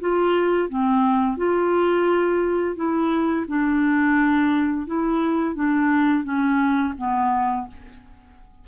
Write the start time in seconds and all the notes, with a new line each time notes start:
0.00 F4
0.68 C4
1.36 F4
2.76 E4
3.48 D4
4.86 E4
5.54 D4
6.23 C#4
6.97 B3